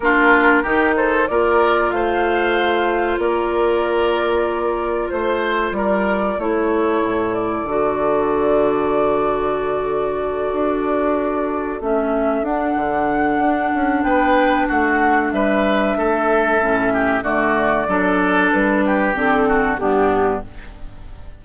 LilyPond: <<
  \new Staff \with { instrumentName = "flute" } { \time 4/4 \tempo 4 = 94 ais'4. c''8 d''4 f''4~ | f''4 d''2. | c''4 d''4 cis''4. d''8~ | d''1~ |
d''2~ d''8 e''4 fis''8~ | fis''2 g''4 fis''4 | e''2. d''4~ | d''4 b'4 a'4 g'4 | }
  \new Staff \with { instrumentName = "oboe" } { \time 4/4 f'4 g'8 a'8 ais'4 c''4~ | c''4 ais'2. | c''4 ais'4 a'2~ | a'1~ |
a'1~ | a'2 b'4 fis'4 | b'4 a'4. g'8 fis'4 | a'4. g'4 fis'8 d'4 | }
  \new Staff \with { instrumentName = "clarinet" } { \time 4/4 d'4 dis'4 f'2~ | f'1~ | f'2 e'2 | fis'1~ |
fis'2~ fis'8 cis'4 d'8~ | d'1~ | d'2 cis'4 a4 | d'2 c'4 b4 | }
  \new Staff \with { instrumentName = "bassoon" } { \time 4/4 ais4 dis4 ais4 a4~ | a4 ais2. | a4 g4 a4 a,4 | d1~ |
d8 d'2 a4 d'8 | d4 d'8 cis'8 b4 a4 | g4 a4 a,4 d4 | fis4 g4 d4 g,4 | }
>>